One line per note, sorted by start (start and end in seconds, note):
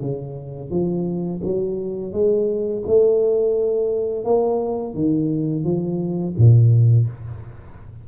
0.00 0.70 C#3
0.70 1.41 F3
1.43 2.12 F#3
2.12 2.83 G#3
2.87 4.24 A3
4.24 4.94 A#3
4.94 5.64 D#3
5.64 6.34 F3
6.37 7.07 A#2